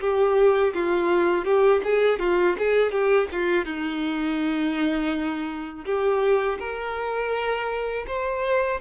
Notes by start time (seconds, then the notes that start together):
0.00 G4
0.74 F4
1.44 G4
1.84 G#4
2.19 F4
2.58 G#4
2.91 G4
3.32 F4
3.65 D#4
5.85 G4
6.59 A#4
8.07 C5